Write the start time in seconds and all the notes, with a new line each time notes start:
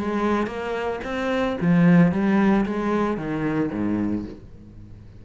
0.00 G#3
0.47 A#3
1.05 C4
1.61 F3
2.13 G3
2.66 G#3
3.18 D#3
3.72 G#2